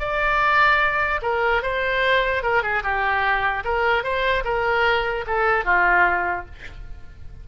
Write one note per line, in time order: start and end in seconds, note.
0.00 1.21 D5
1.22 1.63 A#4
1.63 2.43 C5
2.43 2.63 A#4
2.63 2.83 G#4
2.84 3.64 G4
3.65 4.04 A#4
4.04 4.44 C5
4.45 5.25 A#4
5.27 5.65 A4
5.65 6.46 F4